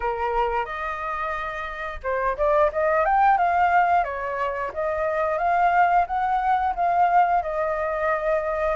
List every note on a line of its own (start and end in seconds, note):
0.00 0.65 A#4
0.65 2.00 D#5
2.03 2.37 C5
2.37 2.70 D5
2.72 3.05 D#5
3.05 3.37 G5
3.37 4.04 F5
4.04 4.71 C#5
4.73 5.37 D#5
5.37 6.05 F5
6.06 6.74 F#5
6.75 7.42 F5
7.42 8.76 D#5